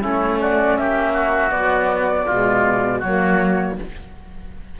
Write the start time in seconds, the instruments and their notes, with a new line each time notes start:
0.00 cello A3, saxophone C#4, oboe E4, flute C#5
0.41 oboe F#4, flute D5
0.77 cello A#3, oboe G4, flute E5
1.13 oboe F#4
1.51 saxophone F#3, cello B3, flute D5
2.26 cello B2, saxophone G#3, oboe F4
2.99 cello F#3, saxophone A#3, oboe F#4, flute C#5